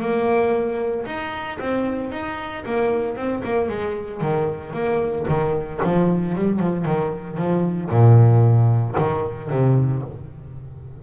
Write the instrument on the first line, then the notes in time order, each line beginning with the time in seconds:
double bass
0.00 A#3
1.06 D#4
1.59 C4
2.12 D#4
2.65 A#3
3.16 C4
3.44 A#3
3.68 G#3
4.21 D#3
4.73 A#3
5.28 D#3
5.83 F3
6.35 G3
6.59 F3
6.85 D#3
7.37 F3
7.90 A#2
8.98 D#3
9.50 C3